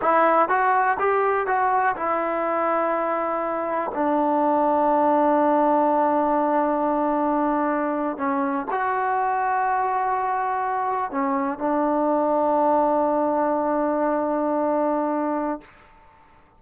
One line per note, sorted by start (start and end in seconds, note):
0.01 0.48 E4
0.48 0.97 F#4
0.99 1.46 G4
1.46 1.95 F#4
1.96 3.91 E4
3.94 8.17 D4
8.17 8.66 C#4
8.71 11.11 F#4
11.11 11.58 C#4
11.58 15.61 D4